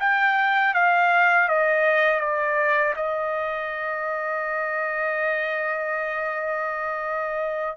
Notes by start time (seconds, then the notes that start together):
0.00 G5
0.74 F5
1.48 D#5
2.20 D5
2.96 D#5